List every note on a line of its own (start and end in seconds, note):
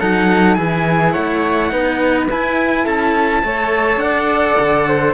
0.00 0.59 F#3
0.00 0.57 D#4
0.00 0.57 A4
0.00 0.55 F#5
0.55 1.16 E3
0.55 1.70 E4
0.55 1.14 G#4
0.55 1.12 G#5
1.13 1.73 A3
1.13 1.71 C#5
1.13 2.27 F#5
1.70 2.30 B3
1.70 2.28 D#4
1.70 2.84 B4
2.30 2.87 E4
2.30 3.43 E4
2.30 2.87 G#5
2.84 3.44 C#4
2.84 3.42 A4
2.84 4.00 A5
3.43 3.97 A3
3.43 5.14 A4
3.43 4.03 C#5
3.97 4.54 D4
3.97 5.14 F#5
4.03 4.88 D5
4.60 5.14 D3
4.88 5.14 C5